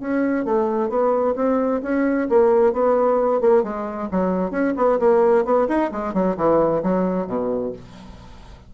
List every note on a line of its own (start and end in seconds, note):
0.00 0.45 C#4
0.45 0.89 A3
0.89 1.35 B3
1.36 1.81 C4
1.82 2.28 C#4
2.29 2.73 A#3
2.73 3.41 B3
3.41 3.63 A#3
3.63 4.09 G#3
4.11 4.51 F#3
4.51 4.74 C#4
4.76 4.99 B3
4.99 5.45 A#3
5.45 5.67 B3
5.68 5.91 D#4
5.92 6.14 G#3
6.14 6.37 F#3
6.37 6.82 E3
6.83 7.27 F#3
7.27 7.72 B2